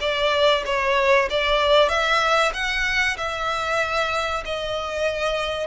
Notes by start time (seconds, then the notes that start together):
0.00 D5
0.65 C#5
1.30 D5
1.89 E5
2.53 F#5
3.17 E5
4.45 D#5